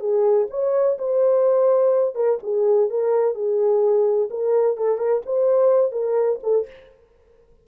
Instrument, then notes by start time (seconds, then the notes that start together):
horn
0.00 G#4
0.50 C#5
0.98 C5
2.15 A#4
2.43 G#4
2.90 A#4
3.35 G#4
4.30 A#4
4.77 A4
4.98 A#4
5.26 C5
5.92 A#4
6.43 A4